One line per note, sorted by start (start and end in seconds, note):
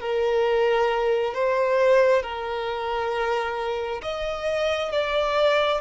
0.00 1.34 A#4
1.34 2.23 C5
2.23 4.02 A#4
4.03 4.92 D#5
4.92 5.81 D5